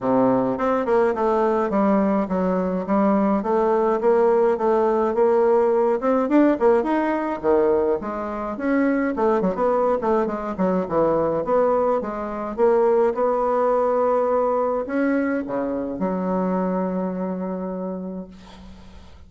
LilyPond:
\new Staff \with { instrumentName = "bassoon" } { \time 4/4 \tempo 4 = 105 c4 c'8 ais8 a4 g4 | fis4 g4 a4 ais4 | a4 ais4. c'8 d'8 ais8 | dis'4 dis4 gis4 cis'4 |
a8 fis16 b8. a8 gis8 fis8 e4 | b4 gis4 ais4 b4~ | b2 cis'4 cis4 | fis1 | }